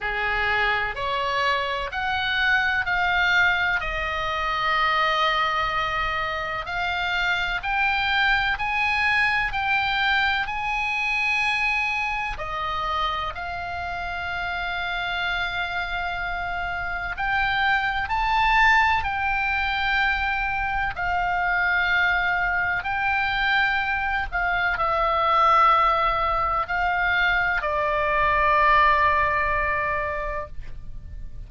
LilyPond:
\new Staff \with { instrumentName = "oboe" } { \time 4/4 \tempo 4 = 63 gis'4 cis''4 fis''4 f''4 | dis''2. f''4 | g''4 gis''4 g''4 gis''4~ | gis''4 dis''4 f''2~ |
f''2 g''4 a''4 | g''2 f''2 | g''4. f''8 e''2 | f''4 d''2. | }